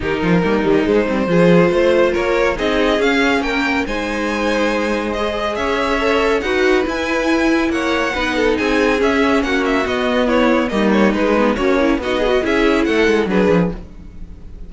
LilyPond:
<<
  \new Staff \with { instrumentName = "violin" } { \time 4/4 \tempo 4 = 140 ais'2 c''2~ | c''4 cis''4 dis''4 f''4 | g''4 gis''2. | dis''4 e''2 fis''4 |
gis''2 fis''2 | gis''4 e''4 fis''8 e''8 dis''4 | cis''4 dis''8 cis''8 b'4 cis''4 | dis''4 e''4 fis''4 b'4 | }
  \new Staff \with { instrumentName = "violin" } { \time 4/4 g'8 f'8 dis'2 gis'4 | c''4 ais'4 gis'2 | ais'4 c''2.~ | c''4 cis''2 b'4~ |
b'2 cis''4 b'8 a'8 | gis'2 fis'2 | e'4 dis'2 cis'4 | fis'8 gis'16 fis'16 gis'4 a'4 gis'4 | }
  \new Staff \with { instrumentName = "viola" } { \time 4/4 dis'4 ais8 g8 gis8 c'8 f'4~ | f'2 dis'4 cis'4~ | cis'4 dis'2. | gis'2 a'4 fis'4 |
e'2. dis'4~ | dis'4 cis'2 b4~ | b4 ais4 gis8 b8 fis'8 e'8 | dis'8 fis'8 e'2 d'4 | }
  \new Staff \with { instrumentName = "cello" } { \time 4/4 dis8 f8 g8 dis8 gis8 g8 f4 | a4 ais4 c'4 cis'4 | ais4 gis2.~ | gis4 cis'2 dis'4 |
e'2 ais4 b4 | c'4 cis'4 ais4 b4~ | b4 g4 gis4 ais4 | b4 cis'4 a8 gis8 fis8 f8 | }
>>